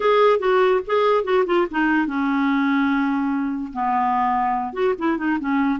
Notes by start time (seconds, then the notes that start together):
0.00 G#4
0.39 F#4
0.86 G#4
1.23 F#4
1.46 F4
1.70 D#4
2.07 C#4
3.72 B3
4.73 F#4
4.98 E4
5.17 D#4
5.39 C#4